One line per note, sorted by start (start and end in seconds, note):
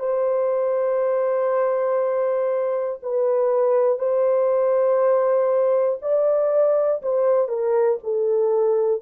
0.00 3.00 C5
3.03 3.99 B4
3.99 5.99 C5
6.02 7.02 D5
7.03 7.49 C5
7.49 7.99 A#4
8.04 9.02 A4